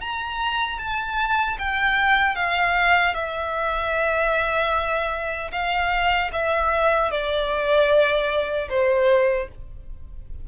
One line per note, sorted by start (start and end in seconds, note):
0.00 0.78 A#5
0.78 1.57 A5
1.58 2.35 G5
2.35 3.14 F5
3.14 5.50 E5
5.52 6.31 F5
6.32 7.11 E5
7.11 8.68 D5
8.69 9.48 C5